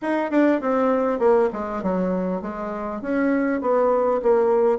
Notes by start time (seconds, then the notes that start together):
0.02 D#4
0.30 D4
0.61 C4
1.19 A#3
1.52 G#3
1.82 F#3
2.41 G#3
3.01 C#4
3.61 B3
4.22 A#3